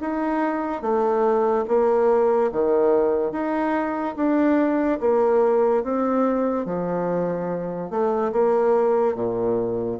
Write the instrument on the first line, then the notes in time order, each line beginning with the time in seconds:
bassoon
0.00 D#4
0.81 A3
1.67 A#3
2.52 D#3
3.31 D#4
4.16 D4
5.00 A#3
5.83 C4
6.65 F3
7.90 A3
8.32 A#3
9.14 A#2